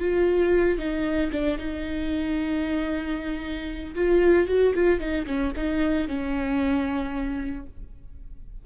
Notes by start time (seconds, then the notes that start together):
0.00 F4
0.78 D#4
1.32 D4
1.58 D#4
3.95 F4
4.47 F#4
4.74 F4
5.00 D#4
5.26 C#4
5.56 D#4
6.08 C#4